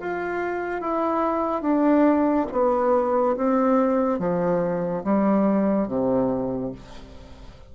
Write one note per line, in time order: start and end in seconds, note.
0.00 0.81 F4
0.81 1.62 E4
1.62 2.47 D4
2.52 3.36 B3
3.36 4.19 C4
4.19 5.04 F3
5.04 5.88 G3
5.88 6.72 C3